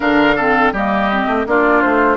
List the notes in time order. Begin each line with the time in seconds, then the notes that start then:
0.00 D3 D4 A#4 F5
0.36 C4 A4
0.72 G3 A#3 G4 D#5
1.11 C4
1.26 A3
1.46 A#3 D4 F4 D5
1.81 A3 C5